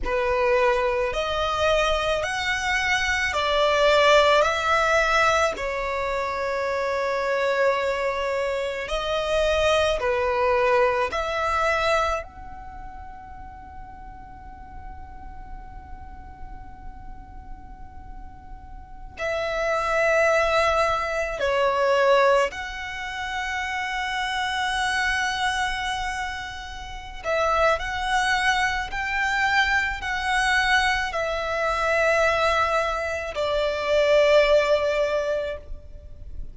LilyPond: \new Staff \with { instrumentName = "violin" } { \time 4/4 \tempo 4 = 54 b'4 dis''4 fis''4 d''4 | e''4 cis''2. | dis''4 b'4 e''4 fis''4~ | fis''1~ |
fis''4~ fis''16 e''2 cis''8.~ | cis''16 fis''2.~ fis''8.~ | fis''8 e''8 fis''4 g''4 fis''4 | e''2 d''2 | }